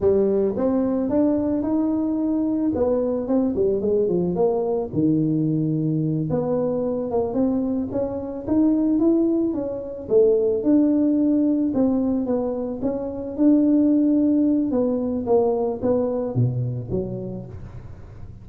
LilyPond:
\new Staff \with { instrumentName = "tuba" } { \time 4/4 \tempo 4 = 110 g4 c'4 d'4 dis'4~ | dis'4 b4 c'8 g8 gis8 f8 | ais4 dis2~ dis8 b8~ | b4 ais8 c'4 cis'4 dis'8~ |
dis'8 e'4 cis'4 a4 d'8~ | d'4. c'4 b4 cis'8~ | cis'8 d'2~ d'8 b4 | ais4 b4 b,4 fis4 | }